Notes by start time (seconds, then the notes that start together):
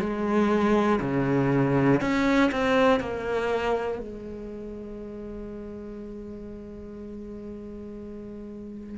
0.00 G#3
1.00 C#3
2.01 C#4
2.51 C4
3.00 A#3
3.99 G#3